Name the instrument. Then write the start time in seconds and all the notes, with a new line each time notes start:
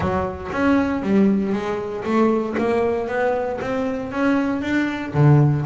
double bass
0.00 F#3
0.52 C#4
1.02 G3
1.52 G#3
2.04 A3
2.58 A#3
3.08 B3
3.61 C4
4.11 C#4
4.61 D4
5.14 D3